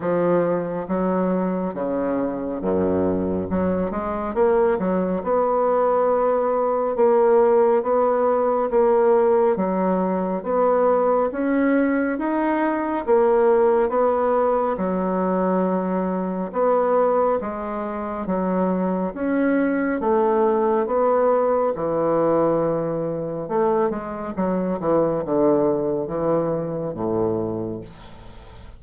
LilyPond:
\new Staff \with { instrumentName = "bassoon" } { \time 4/4 \tempo 4 = 69 f4 fis4 cis4 fis,4 | fis8 gis8 ais8 fis8 b2 | ais4 b4 ais4 fis4 | b4 cis'4 dis'4 ais4 |
b4 fis2 b4 | gis4 fis4 cis'4 a4 | b4 e2 a8 gis8 | fis8 e8 d4 e4 a,4 | }